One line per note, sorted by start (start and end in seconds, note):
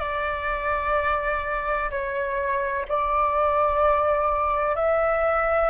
0.00 1.90 D5
1.91 2.86 C#5
2.89 4.76 D5
4.76 5.70 E5